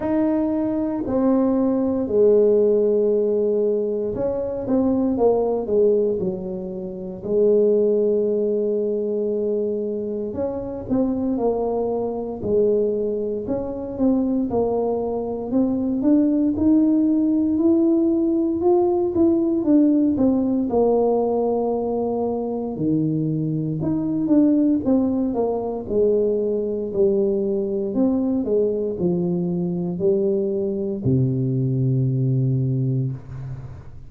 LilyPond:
\new Staff \with { instrumentName = "tuba" } { \time 4/4 \tempo 4 = 58 dis'4 c'4 gis2 | cis'8 c'8 ais8 gis8 fis4 gis4~ | gis2 cis'8 c'8 ais4 | gis4 cis'8 c'8 ais4 c'8 d'8 |
dis'4 e'4 f'8 e'8 d'8 c'8 | ais2 dis4 dis'8 d'8 | c'8 ais8 gis4 g4 c'8 gis8 | f4 g4 c2 | }